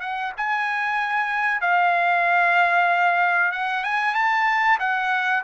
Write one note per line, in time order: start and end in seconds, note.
0.00 0.32 F#5
0.37 1.61 G#5
1.61 3.52 F5
3.52 3.84 F#5
3.84 4.14 G#5
4.14 4.78 A5
4.79 5.43 F#5